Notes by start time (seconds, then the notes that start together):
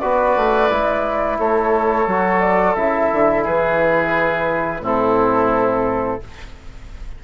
0.00 B3 F#4 B4 D5
0.36 A3
0.71 G#3 E4
1.39 A3 A4 C#5
2.07 F#3 F#4
2.41 D5
2.76 C#3 E4 E5
3.13 D3
3.44 E3 G#4 B4
4.81 A2 C4 E4 A4